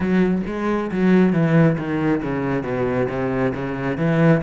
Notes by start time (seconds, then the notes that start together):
0.00 F#3
0.46 G#3
0.91 F#3
1.32 E3
1.78 D#3
2.22 C#3
2.63 B2
3.08 C3
3.54 C#3
3.97 E3